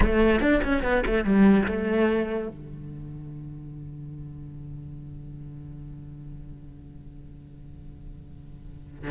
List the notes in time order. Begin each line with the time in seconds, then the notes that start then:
0.00 A3
0.40 D4
0.63 C#4
0.82 B3
1.06 A3
1.24 G3
1.66 A3
2.48 D3